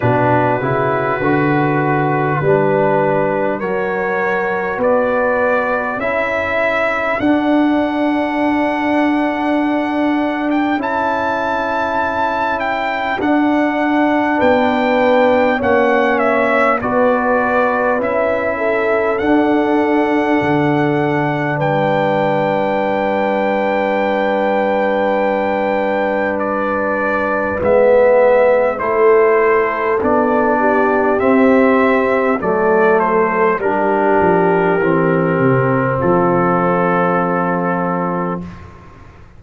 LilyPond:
<<
  \new Staff \with { instrumentName = "trumpet" } { \time 4/4 \tempo 4 = 50 b'2. cis''4 | d''4 e''4 fis''2~ | fis''8. g''16 a''4. g''8 fis''4 | g''4 fis''8 e''8 d''4 e''4 |
fis''2 g''2~ | g''2 d''4 e''4 | c''4 d''4 e''4 d''8 c''8 | ais'2 a'2 | }
  \new Staff \with { instrumentName = "horn" } { \time 4/4 fis'2 b'4 ais'4 | b'4 a'2.~ | a'1 | b'4 cis''4 b'4. a'8~ |
a'2 b'2~ | b'1 | a'4. g'4. a'4 | g'2 f'2 | }
  \new Staff \with { instrumentName = "trombone" } { \time 4/4 d'8 e'8 fis'4 d'4 fis'4~ | fis'4 e'4 d'2~ | d'4 e'2 d'4~ | d'4 cis'4 fis'4 e'4 |
d'1~ | d'2. b4 | e'4 d'4 c'4 a4 | d'4 c'2. | }
  \new Staff \with { instrumentName = "tuba" } { \time 4/4 b,8 cis8 d4 g4 fis4 | b4 cis'4 d'2~ | d'4 cis'2 d'4 | b4 ais4 b4 cis'4 |
d'4 d4 g2~ | g2. gis4 | a4 b4 c'4 fis4 | g8 f8 e8 c8 f2 | }
>>